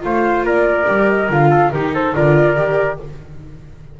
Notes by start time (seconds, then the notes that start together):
0.00 A3 F4 C5 F5
0.43 A#3 A#4 D5
0.87 G3 G4
1.09 D#5
1.29 D3 F4 F5
1.50 A4
1.71 D#3 D#4 G4 A#4
1.94 A4 C5
2.15 D3 F4 A#4 D5
2.57 D#3 G4